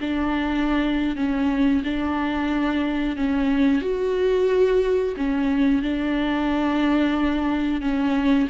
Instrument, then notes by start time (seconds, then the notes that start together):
viola
0.00 D4
1.16 C#4
1.84 D4
3.16 C#4
3.81 F#4
5.16 C#4
5.82 D4
7.81 C#4